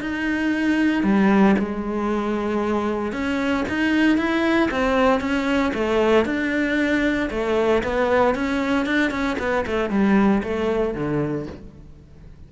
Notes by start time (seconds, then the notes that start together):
0.00 D#4
1.03 G3
1.58 G#3
3.12 C#4
3.69 D#4
4.17 E4
4.70 C4
5.20 C#4
5.73 A3
6.25 D4
7.30 A3
7.83 B3
8.35 C#4
8.86 D4
9.10 C#4
9.39 B3
9.66 A3
9.90 G3
10.43 A3
10.94 D3